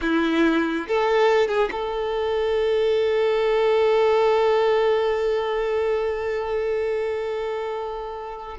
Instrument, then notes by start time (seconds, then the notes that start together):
violin
0.01 E4
0.87 A4
1.48 G#4
1.71 A4